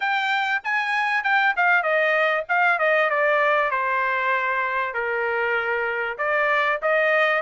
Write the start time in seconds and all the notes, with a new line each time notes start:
0.00 G5
0.64 G#5
1.23 G5
1.56 F5
1.82 D#5
2.49 F5
2.78 D#5
3.10 D5
3.70 C5
4.94 A#4
6.18 D5
6.82 D#5